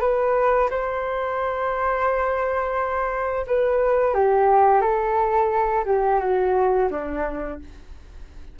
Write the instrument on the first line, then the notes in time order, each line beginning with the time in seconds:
flute
0.00 B4
0.70 C5
3.46 B4
4.14 G4
4.81 A4
5.85 G4
6.20 F#4
6.90 D4